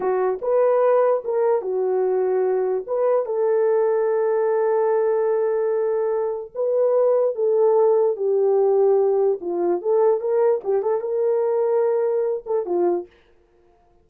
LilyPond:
\new Staff \with { instrumentName = "horn" } { \time 4/4 \tempo 4 = 147 fis'4 b'2 ais'4 | fis'2. b'4 | a'1~ | a'1 |
b'2 a'2 | g'2. f'4 | a'4 ais'4 g'8 a'8 ais'4~ | ais'2~ ais'8 a'8 f'4 | }